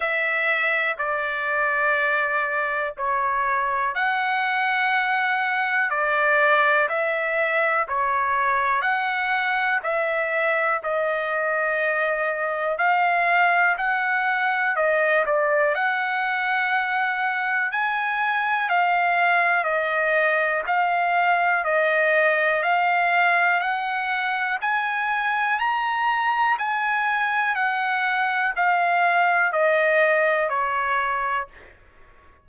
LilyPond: \new Staff \with { instrumentName = "trumpet" } { \time 4/4 \tempo 4 = 61 e''4 d''2 cis''4 | fis''2 d''4 e''4 | cis''4 fis''4 e''4 dis''4~ | dis''4 f''4 fis''4 dis''8 d''8 |
fis''2 gis''4 f''4 | dis''4 f''4 dis''4 f''4 | fis''4 gis''4 ais''4 gis''4 | fis''4 f''4 dis''4 cis''4 | }